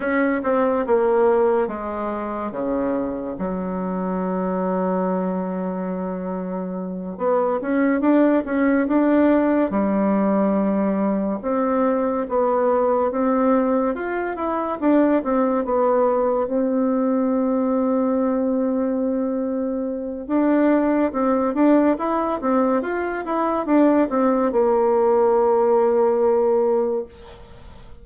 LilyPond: \new Staff \with { instrumentName = "bassoon" } { \time 4/4 \tempo 4 = 71 cis'8 c'8 ais4 gis4 cis4 | fis1~ | fis8 b8 cis'8 d'8 cis'8 d'4 g8~ | g4. c'4 b4 c'8~ |
c'8 f'8 e'8 d'8 c'8 b4 c'8~ | c'1 | d'4 c'8 d'8 e'8 c'8 f'8 e'8 | d'8 c'8 ais2. | }